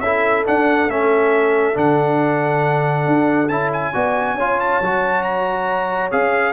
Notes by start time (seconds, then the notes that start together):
0.00 C#4 E4 A4 E5
0.46 D4 F#5
0.89 A3 C#4 E5
1.74 D3 D4 F#5
3.07 D4
3.48 C#4 E4 A5
3.73 G#5
3.93 B3 F#4 D5
4.34 C#4 F4 C#5
4.60 A5
4.82 F#3 F#4
5.23 A#5
6.11 C#4 G#4 F5